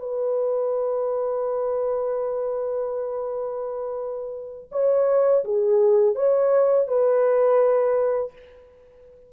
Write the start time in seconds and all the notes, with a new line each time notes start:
0.00 B4
4.72 C#5
5.45 G#4
6.16 C#5
6.88 B4